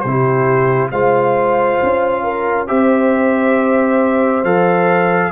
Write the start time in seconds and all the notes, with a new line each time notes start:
0.00 C3 G4 C5
0.06 E4
0.91 G#3 F4 C5 F5
1.82 C#4
2.23 A#4
2.67 C4 G4 C5 E5
4.44 F3 A4 F5